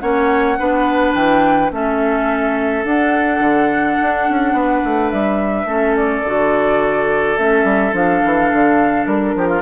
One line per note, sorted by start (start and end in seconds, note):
0.00 0.59 A#3
0.00 0.58 C#4
0.00 0.59 C#5
0.00 1.13 F#5
0.59 1.14 B3
0.59 1.72 D4
0.59 1.72 B4
1.14 1.71 E3
1.14 1.71 G5
1.72 2.84 A3
1.72 2.85 C#4
1.72 4.55 A4
1.72 2.85 E5
2.84 3.40 D4
2.84 5.68 D4
2.84 5.11 F#5
3.40 3.96 D3
4.02 4.30 D4
4.30 4.53 C#4
4.53 4.81 B3
4.53 5.67 B4
4.84 5.12 A3
5.11 5.65 G3
5.11 5.96 E5
5.65 6.21 A3
5.65 6.25 C#4
5.65 9.35 A4
5.97 7.38 D5
6.24 7.37 D3
6.24 7.38 F#4
7.38 7.64 A3
7.38 7.92 C#4
7.38 7.94 E5
7.64 7.92 G3
7.92 8.22 F3
7.92 9.62 D4
7.92 9.06 F5
8.25 8.52 E3
8.52 9.06 D3
9.06 9.35 G3
9.06 9.62 A#4
9.36 9.62 F3
9.36 9.48 G4
9.48 9.62 F4